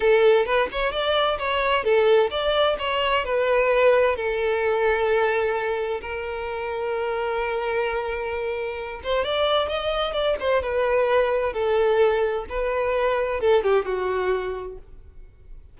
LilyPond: \new Staff \with { instrumentName = "violin" } { \time 4/4 \tempo 4 = 130 a'4 b'8 cis''8 d''4 cis''4 | a'4 d''4 cis''4 b'4~ | b'4 a'2.~ | a'4 ais'2.~ |
ais'2.~ ais'8 c''8 | d''4 dis''4 d''8 c''8 b'4~ | b'4 a'2 b'4~ | b'4 a'8 g'8 fis'2 | }